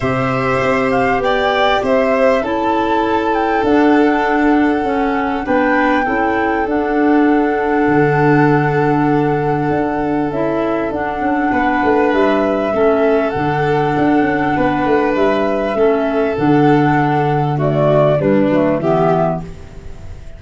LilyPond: <<
  \new Staff \with { instrumentName = "flute" } { \time 4/4 \tempo 4 = 99 e''4. f''8 g''4 e''4 | a''4. g''8 fis''2~ | fis''4 g''2 fis''4~ | fis''1~ |
fis''4 e''4 fis''2 | e''2 fis''2~ | fis''4 e''2 fis''4~ | fis''4 d''4 b'4 e''4 | }
  \new Staff \with { instrumentName = "violin" } { \time 4/4 c''2 d''4 c''4 | a'1~ | a'4 b'4 a'2~ | a'1~ |
a'2. b'4~ | b'4 a'2. | b'2 a'2~ | a'4 fis'4 d'4 g'4 | }
  \new Staff \with { instrumentName = "clarinet" } { \time 4/4 g'1 | e'2 d'2 | cis'4 d'4 e'4 d'4~ | d'1~ |
d'4 e'4 d'2~ | d'4 cis'4 d'2~ | d'2 cis'4 d'4~ | d'4 a4 g8 a8 b4 | }
  \new Staff \with { instrumentName = "tuba" } { \time 4/4 c4 c'4 b4 c'4 | cis'2 d'2 | cis'4 b4 cis'4 d'4~ | d'4 d2. |
d'4 cis'4 d'8 cis'8 b8 a8 | g4 a4 d4 d'8 cis'8 | b8 a8 g4 a4 d4~ | d2 g8 fis8 e4 | }
>>